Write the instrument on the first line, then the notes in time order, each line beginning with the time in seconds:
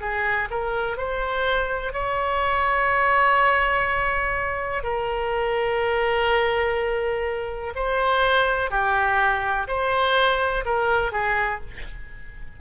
oboe
0.00 G#4
0.50 A#4
0.97 C5
1.93 C#5
4.83 A#4
7.75 C5
8.70 G4
9.67 C5
10.65 A#4
11.12 G#4